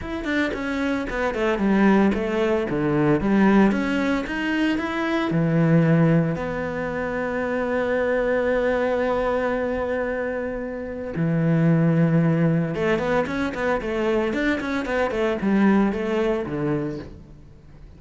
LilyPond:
\new Staff \with { instrumentName = "cello" } { \time 4/4 \tempo 4 = 113 e'8 d'8 cis'4 b8 a8 g4 | a4 d4 g4 cis'4 | dis'4 e'4 e2 | b1~ |
b1~ | b4 e2. | a8 b8 cis'8 b8 a4 d'8 cis'8 | b8 a8 g4 a4 d4 | }